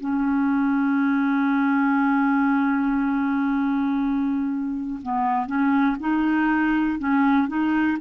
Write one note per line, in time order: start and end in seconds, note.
0.00 5.00 C#4
5.03 5.46 B3
5.46 5.96 C#4
6.00 6.99 D#4
6.99 7.48 C#4
7.48 7.98 D#4